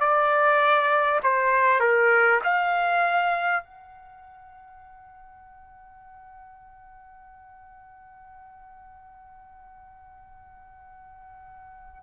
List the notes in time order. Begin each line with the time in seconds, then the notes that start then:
0.00 D5
1.23 C5
1.80 A#4
2.44 F5
3.64 F#5